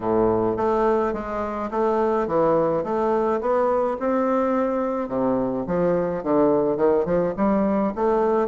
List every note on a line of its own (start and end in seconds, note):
0.00 0.56 A2
0.56 1.13 A3
1.13 1.70 G#3
1.71 2.27 A3
2.27 2.83 E3
2.83 3.40 A3
3.40 3.97 B3
3.99 5.08 C4
5.08 5.64 C3
5.66 6.23 F3
6.23 6.76 D3
6.76 7.05 D#3
7.05 7.33 F3
7.36 7.93 G3
7.95 8.48 A3